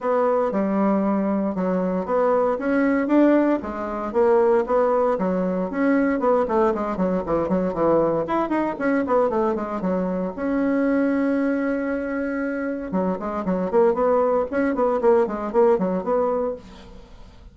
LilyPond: \new Staff \with { instrumentName = "bassoon" } { \time 4/4 \tempo 4 = 116 b4 g2 fis4 | b4 cis'4 d'4 gis4 | ais4 b4 fis4 cis'4 | b8 a8 gis8 fis8 e8 fis8 e4 |
e'8 dis'8 cis'8 b8 a8 gis8 fis4 | cis'1~ | cis'4 fis8 gis8 fis8 ais8 b4 | cis'8 b8 ais8 gis8 ais8 fis8 b4 | }